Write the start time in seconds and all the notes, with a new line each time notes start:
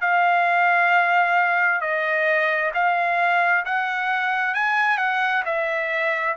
0.00 F5
1.80 D#5
2.74 F5
3.65 F#5
4.54 G#5
4.97 F#5
5.45 E5